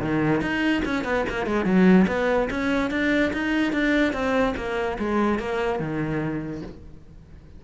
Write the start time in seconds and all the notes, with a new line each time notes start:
0.00 D#3
0.41 D#4
0.85 C#4
1.04 B3
1.29 A#3
1.46 G#3
1.65 F#3
2.07 B3
2.50 C#4
2.91 D4
3.33 D#4
3.72 D4
4.13 C4
4.56 A#3
4.99 G#3
5.39 A#3
5.79 D#3